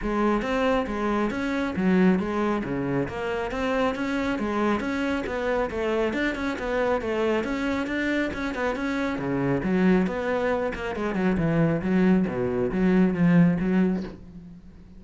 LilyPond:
\new Staff \with { instrumentName = "cello" } { \time 4/4 \tempo 4 = 137 gis4 c'4 gis4 cis'4 | fis4 gis4 cis4 ais4 | c'4 cis'4 gis4 cis'4 | b4 a4 d'8 cis'8 b4 |
a4 cis'4 d'4 cis'8 b8 | cis'4 cis4 fis4 b4~ | b8 ais8 gis8 fis8 e4 fis4 | b,4 fis4 f4 fis4 | }